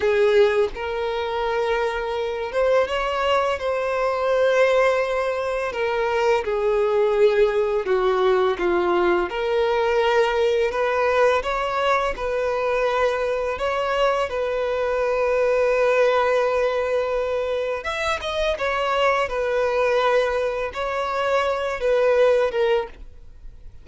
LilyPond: \new Staff \with { instrumentName = "violin" } { \time 4/4 \tempo 4 = 84 gis'4 ais'2~ ais'8 c''8 | cis''4 c''2. | ais'4 gis'2 fis'4 | f'4 ais'2 b'4 |
cis''4 b'2 cis''4 | b'1~ | b'4 e''8 dis''8 cis''4 b'4~ | b'4 cis''4. b'4 ais'8 | }